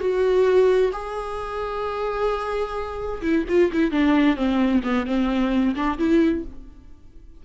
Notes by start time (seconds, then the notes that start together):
0.00 F#4
0.92 G#4
3.22 E4
3.48 F4
3.72 E4
3.91 D4
4.36 C4
4.83 B3
5.06 C4
5.75 D4
5.98 E4